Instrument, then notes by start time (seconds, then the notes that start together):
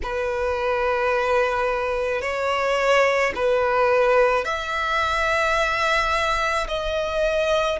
violin
0.03 B4
2.21 C#5
3.35 B4
4.44 E5
6.68 D#5